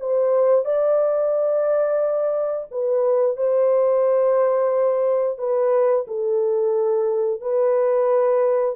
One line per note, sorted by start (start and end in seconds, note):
0.00 0.65 C5
0.65 2.67 D5
2.71 3.37 B4
3.37 5.38 C5
5.38 6.06 B4
6.08 7.41 A4
7.41 8.76 B4